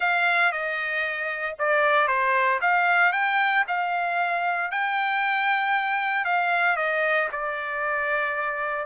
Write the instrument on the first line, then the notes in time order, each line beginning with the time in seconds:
trumpet
0.00 F5
0.51 D#5
1.58 D5
2.07 C5
2.61 F5
3.12 G5
3.67 F5
4.71 G5
6.24 F5
6.76 D#5
7.32 D5